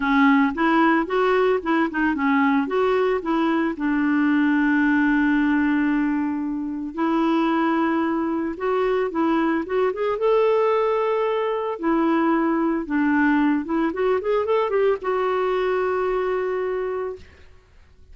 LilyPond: \new Staff \with { instrumentName = "clarinet" } { \time 4/4 \tempo 4 = 112 cis'4 e'4 fis'4 e'8 dis'8 | cis'4 fis'4 e'4 d'4~ | d'1~ | d'4 e'2. |
fis'4 e'4 fis'8 gis'8 a'4~ | a'2 e'2 | d'4. e'8 fis'8 gis'8 a'8 g'8 | fis'1 | }